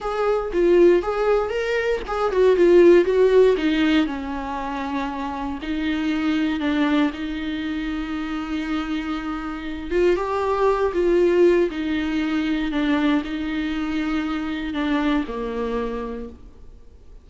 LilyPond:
\new Staff \with { instrumentName = "viola" } { \time 4/4 \tempo 4 = 118 gis'4 f'4 gis'4 ais'4 | gis'8 fis'8 f'4 fis'4 dis'4 | cis'2. dis'4~ | dis'4 d'4 dis'2~ |
dis'2.~ dis'8 f'8 | g'4. f'4. dis'4~ | dis'4 d'4 dis'2~ | dis'4 d'4 ais2 | }